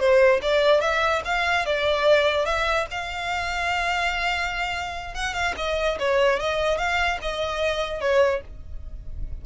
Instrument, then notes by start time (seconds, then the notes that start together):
violin
0.00 C5
0.42 D5
0.81 E5
1.25 F5
1.66 D5
2.46 E5
2.91 F5
5.15 F#5
5.34 F5
5.57 D#5
5.99 C#5
6.40 D#5
6.78 F5
7.22 D#5
8.01 C#5